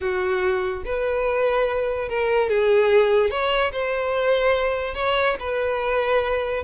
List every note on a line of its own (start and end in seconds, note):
0.00 0.83 F#4
0.85 2.08 B4
2.08 2.49 A#4
2.49 3.30 G#4
3.30 3.71 C#5
3.71 4.94 C5
4.94 5.35 C#5
5.39 6.63 B4